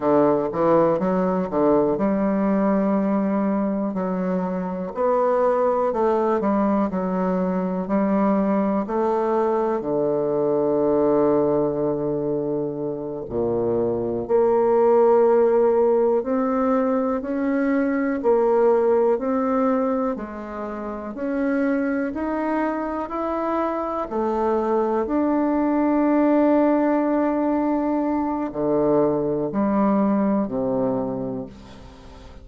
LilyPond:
\new Staff \with { instrumentName = "bassoon" } { \time 4/4 \tempo 4 = 61 d8 e8 fis8 d8 g2 | fis4 b4 a8 g8 fis4 | g4 a4 d2~ | d4. ais,4 ais4.~ |
ais8 c'4 cis'4 ais4 c'8~ | c'8 gis4 cis'4 dis'4 e'8~ | e'8 a4 d'2~ d'8~ | d'4 d4 g4 c4 | }